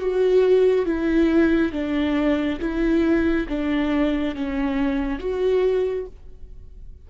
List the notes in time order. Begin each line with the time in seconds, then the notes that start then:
0.00 F#4
0.86 E4
1.73 D4
2.60 E4
3.49 D4
4.35 C#4
5.19 F#4